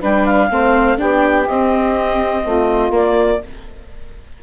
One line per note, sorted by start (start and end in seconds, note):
0.00 0.51 G3
0.00 0.51 D4
0.00 0.48 B4
0.00 0.26 G5
0.26 0.98 F5
0.51 0.99 A3
0.51 0.98 C4
0.51 0.99 C5
0.98 1.48 B3
0.98 1.47 D4
0.98 2.44 G4
0.98 1.48 G5
1.48 2.45 C4
1.48 2.92 C4
1.48 2.93 D#5
2.45 2.91 A3
2.45 3.41 F4
2.91 3.39 A#3
2.91 3.41 A#3
2.91 3.43 D5